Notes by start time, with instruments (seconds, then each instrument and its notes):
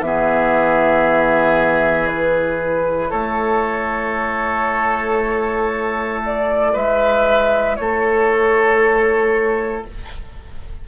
0.00 bassoon E3, clarinet B3, oboe G#4, flute E5
2.07 clarinet E4, flute B4
3.09 bassoon A3, oboe A4, flute C#5
6.25 flute D5
6.73 bassoon G#3, oboe B4, flute E5
7.76 bassoon A3, oboe A4, flute C#5